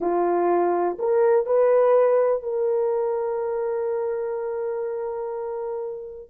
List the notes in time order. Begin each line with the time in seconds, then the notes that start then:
0.00 F4
0.98 A#4
1.46 B4
2.42 A#4